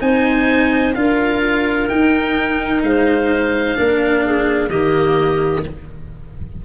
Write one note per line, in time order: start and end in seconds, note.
0.00 0.94 C4
0.00 0.94 D#4
0.00 0.95 C5
0.00 0.95 G#5
0.95 1.88 D4
0.95 1.89 F4
0.95 2.85 A#4
0.95 1.88 F5
1.88 3.75 D#4
1.88 2.82 D#4
1.88 2.82 G5
2.82 3.76 G#3
2.82 3.77 C5
2.82 4.69 F5
3.75 4.70 A#3
3.75 4.69 D4
3.75 4.24 A#4
4.25 4.70 G#4
4.69 5.63 D#3
4.69 5.65 A#3
4.69 5.63 G4
4.69 5.63 D#5